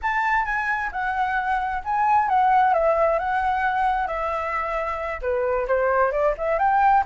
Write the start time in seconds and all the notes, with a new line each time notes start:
0.02 A5
0.45 G#5
0.92 F#5
1.84 G#5
2.28 F#5
2.73 E5
3.19 F#5
4.07 E5
5.21 B4
5.67 C5
6.11 D5
6.37 E5
6.58 G5